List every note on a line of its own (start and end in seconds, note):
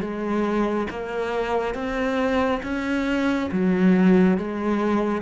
0.00 0.87 G#3
0.90 1.74 A#3
1.74 2.61 C4
2.62 3.49 C#4
3.51 4.38 F#3
4.38 5.21 G#3